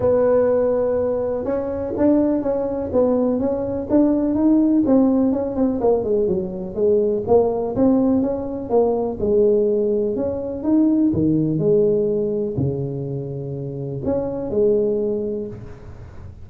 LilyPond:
\new Staff \with { instrumentName = "tuba" } { \time 4/4 \tempo 4 = 124 b2. cis'4 | d'4 cis'4 b4 cis'4 | d'4 dis'4 c'4 cis'8 c'8 | ais8 gis8 fis4 gis4 ais4 |
c'4 cis'4 ais4 gis4~ | gis4 cis'4 dis'4 dis4 | gis2 cis2~ | cis4 cis'4 gis2 | }